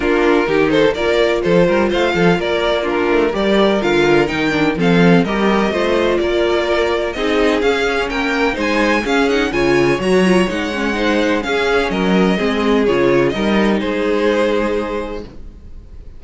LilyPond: <<
  \new Staff \with { instrumentName = "violin" } { \time 4/4 \tempo 4 = 126 ais'4. c''8 d''4 c''4 | f''4 d''4 ais'4 d''4 | f''4 g''4 f''4 dis''4~ | dis''4 d''2 dis''4 |
f''4 g''4 gis''4 f''8 fis''8 | gis''4 ais''4 fis''2 | f''4 dis''2 cis''4 | dis''4 c''2. | }
  \new Staff \with { instrumentName = "violin" } { \time 4/4 f'4 g'8 a'8 ais'4 a'8 ais'8 | c''8 a'8 ais'4 f'4 ais'4~ | ais'2 a'4 ais'4 | c''4 ais'2 gis'4~ |
gis'4 ais'4 c''4 gis'4 | cis''2. c''4 | gis'4 ais'4 gis'2 | ais'4 gis'2. | }
  \new Staff \with { instrumentName = "viola" } { \time 4/4 d'4 dis'4 f'2~ | f'2 d'4 g'4 | f'4 dis'8 d'8 c'4 g'4 | f'2. dis'4 |
cis'2 dis'4 cis'8 dis'8 | f'4 fis'8 f'8 dis'8 cis'8 dis'4 | cis'2 c'4 f'4 | dis'1 | }
  \new Staff \with { instrumentName = "cello" } { \time 4/4 ais4 dis4 ais4 f8 g8 | a8 f8 ais4. a8 g4 | d4 dis4 f4 g4 | a4 ais2 c'4 |
cis'4 ais4 gis4 cis'4 | cis4 fis4 gis2 | cis'4 fis4 gis4 cis4 | g4 gis2. | }
>>